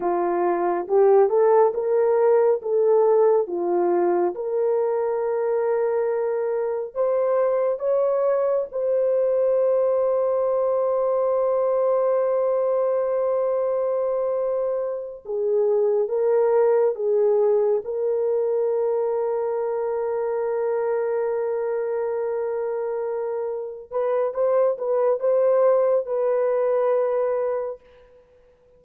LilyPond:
\new Staff \with { instrumentName = "horn" } { \time 4/4 \tempo 4 = 69 f'4 g'8 a'8 ais'4 a'4 | f'4 ais'2. | c''4 cis''4 c''2~ | c''1~ |
c''4. gis'4 ais'4 gis'8~ | gis'8 ais'2.~ ais'8~ | ais'2.~ ais'8 b'8 | c''8 b'8 c''4 b'2 | }